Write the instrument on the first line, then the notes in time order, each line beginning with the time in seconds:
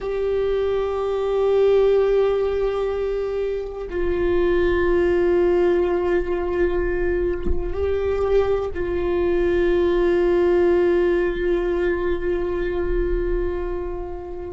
viola
0.00 G4
3.89 F4
7.73 G4
8.74 F4